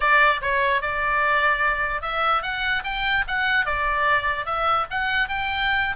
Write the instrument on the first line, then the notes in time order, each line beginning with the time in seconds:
oboe
0.00 D5
0.41 C#5
0.81 D5
2.01 E5
2.42 F#5
2.84 G5
3.27 F#5
3.65 D5
4.45 E5
4.90 F#5
5.28 G5